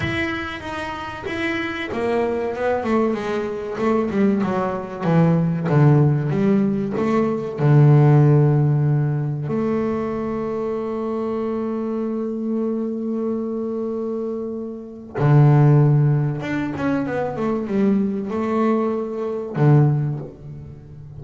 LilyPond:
\new Staff \with { instrumentName = "double bass" } { \time 4/4 \tempo 4 = 95 e'4 dis'4 e'4 ais4 | b8 a8 gis4 a8 g8 fis4 | e4 d4 g4 a4 | d2. a4~ |
a1~ | a1 | d2 d'8 cis'8 b8 a8 | g4 a2 d4 | }